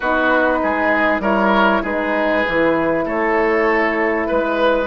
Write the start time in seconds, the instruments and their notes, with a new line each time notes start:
0.00 bassoon B3, horn D#4, oboe F#4, flute B4
0.62 bassoon G#3, oboe G#4
1.19 bassoon G3, horn E4, oboe A#4, flute C#5
1.82 bassoon G#3, horn D#4, oboe G#4, flute B4
2.45 bassoon E3, horn E4
3.05 bassoon A3, oboe A4, flute C#5
4.26 bassoon G#3, flute B4, oboe B4